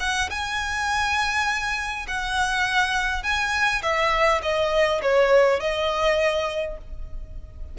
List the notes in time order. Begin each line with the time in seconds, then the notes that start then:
0.00 F#5
0.30 G#5
2.07 F#5
3.23 G#5
3.82 E5
4.42 D#5
5.02 C#5
5.60 D#5